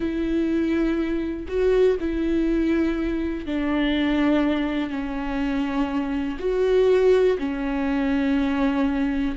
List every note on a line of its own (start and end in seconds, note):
0.00 1.46 E4
1.48 1.97 F#4
2.00 3.46 E4
3.46 4.90 D4
4.90 6.37 C#4
6.39 7.37 F#4
7.38 9.35 C#4